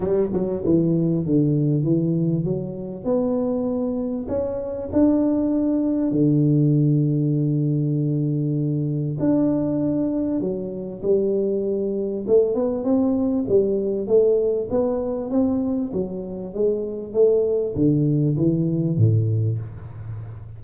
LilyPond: \new Staff \with { instrumentName = "tuba" } { \time 4/4 \tempo 4 = 98 g8 fis8 e4 d4 e4 | fis4 b2 cis'4 | d'2 d2~ | d2. d'4~ |
d'4 fis4 g2 | a8 b8 c'4 g4 a4 | b4 c'4 fis4 gis4 | a4 d4 e4 a,4 | }